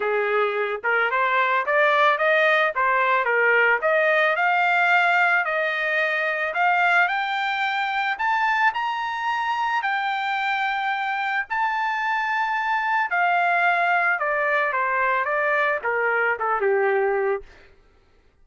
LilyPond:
\new Staff \with { instrumentName = "trumpet" } { \time 4/4 \tempo 4 = 110 gis'4. ais'8 c''4 d''4 | dis''4 c''4 ais'4 dis''4 | f''2 dis''2 | f''4 g''2 a''4 |
ais''2 g''2~ | g''4 a''2. | f''2 d''4 c''4 | d''4 ais'4 a'8 g'4. | }